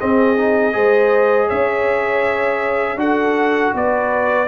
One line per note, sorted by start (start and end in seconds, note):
0.00 0.37 C4
0.00 0.76 C4
0.00 0.75 G#4
0.00 1.49 D#5
0.37 0.73 D#4
0.73 1.51 G#3
0.73 2.98 G#4
0.73 1.48 C5
1.48 2.97 C#4
1.48 2.98 C#5
1.48 2.99 E5
2.97 3.72 D4
2.97 4.48 F#4
2.97 3.75 A4
2.97 3.75 F#5
3.75 4.48 B3
3.75 4.48 B4
3.75 4.48 D5